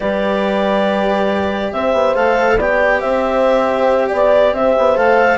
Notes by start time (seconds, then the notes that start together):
0.00 G3 G4 B4 D5
1.72 C4 C5 E5
1.93 B3
2.15 A3 A4 F5
2.57 B3 G4 D5 G5
3.00 C4 C5 E5
4.08 B3 D5
4.53 C4 C5 E5
4.78 B3
4.95 A3 A4 F5